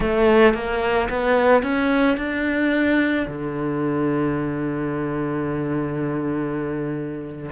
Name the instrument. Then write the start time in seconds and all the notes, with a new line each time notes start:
cello
0.00 A3
0.54 A#3
1.09 B3
1.62 C#4
2.17 D4
3.27 D3